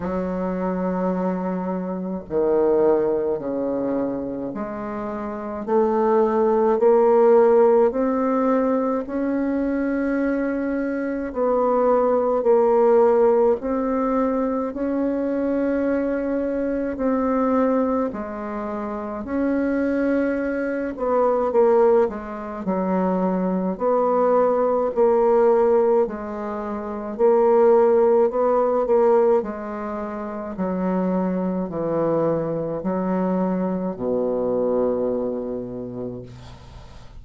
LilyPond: \new Staff \with { instrumentName = "bassoon" } { \time 4/4 \tempo 4 = 53 fis2 dis4 cis4 | gis4 a4 ais4 c'4 | cis'2 b4 ais4 | c'4 cis'2 c'4 |
gis4 cis'4. b8 ais8 gis8 | fis4 b4 ais4 gis4 | ais4 b8 ais8 gis4 fis4 | e4 fis4 b,2 | }